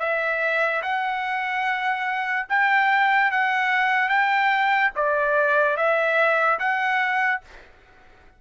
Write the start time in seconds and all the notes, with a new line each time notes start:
0.00 E5
0.83 F#5
2.50 G5
3.32 F#5
4.09 G5
4.96 D5
5.77 E5
6.59 F#5